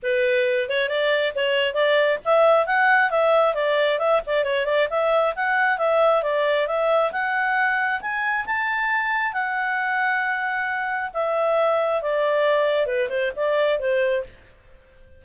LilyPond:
\new Staff \with { instrumentName = "clarinet" } { \time 4/4 \tempo 4 = 135 b'4. cis''8 d''4 cis''4 | d''4 e''4 fis''4 e''4 | d''4 e''8 d''8 cis''8 d''8 e''4 | fis''4 e''4 d''4 e''4 |
fis''2 gis''4 a''4~ | a''4 fis''2.~ | fis''4 e''2 d''4~ | d''4 b'8 c''8 d''4 c''4 | }